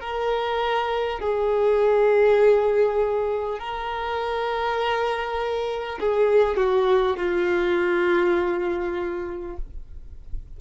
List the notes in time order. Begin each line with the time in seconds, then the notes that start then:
0.00 A#4
1.20 G#4
3.59 A#4
6.00 G#4
6.57 F#4
7.17 F4